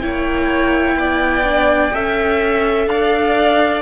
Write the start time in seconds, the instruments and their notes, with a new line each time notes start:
0.00 cello A#3, viola E4, violin C#5 G5
0.95 cello B3, violin D5
1.44 viola D4
1.94 cello C#4, viola A4, violin E5
2.87 cello D4, violin D5 F5